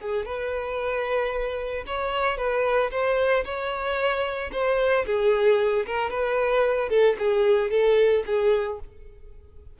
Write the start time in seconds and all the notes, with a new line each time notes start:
0.00 G#4
0.25 B4
1.86 C#5
2.37 B4
2.91 C5
3.44 C#5
4.52 C5
5.06 G#4
5.86 A#4
6.10 B4
6.89 A4
7.18 G#4
7.70 A4
8.26 G#4